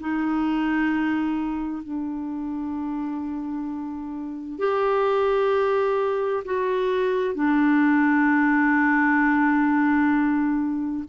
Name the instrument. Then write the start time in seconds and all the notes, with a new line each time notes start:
clarinet
0.00 D#4
1.83 D4
4.59 G4
6.45 F#4
7.35 D4